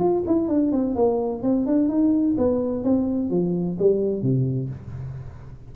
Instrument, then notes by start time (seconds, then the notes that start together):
tuba
0.00 F4
0.27 E4
0.49 D4
0.72 C4
0.96 A#3
1.43 C4
1.67 D4
1.89 D#4
2.39 B3
2.85 C4
3.31 F3
3.80 G3
4.23 C3